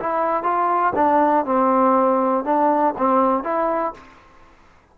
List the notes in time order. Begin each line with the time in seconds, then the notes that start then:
0.00 E4
0.43 F4
0.95 D4
1.45 C4
2.45 D4
2.98 C4
3.44 E4